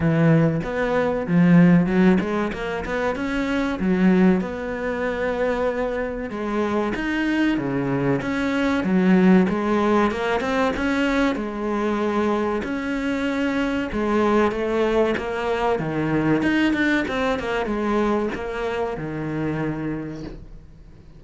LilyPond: \new Staff \with { instrumentName = "cello" } { \time 4/4 \tempo 4 = 95 e4 b4 f4 fis8 gis8 | ais8 b8 cis'4 fis4 b4~ | b2 gis4 dis'4 | cis4 cis'4 fis4 gis4 |
ais8 c'8 cis'4 gis2 | cis'2 gis4 a4 | ais4 dis4 dis'8 d'8 c'8 ais8 | gis4 ais4 dis2 | }